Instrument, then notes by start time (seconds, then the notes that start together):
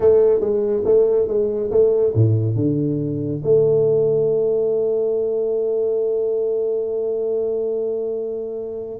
tuba
0.00 A3
0.40 G#3
0.85 A3
1.27 G#3
1.70 A3
2.14 A2
2.55 D3
3.43 A3